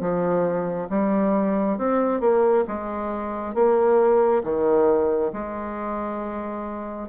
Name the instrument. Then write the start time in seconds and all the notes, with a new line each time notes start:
bassoon
0.00 F3
0.89 G3
1.78 C4
2.20 A#3
2.68 G#3
3.54 A#3
4.44 D#3
5.33 G#3